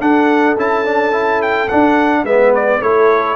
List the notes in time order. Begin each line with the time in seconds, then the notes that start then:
0.00 D4 A4 F#5
0.56 C#4 E4 A5
0.85 D4
1.12 E4
1.42 G5
1.68 D4 F#5
2.23 G#3 B3 B4 E5
2.55 D5
2.81 A3 E4 A4 C#5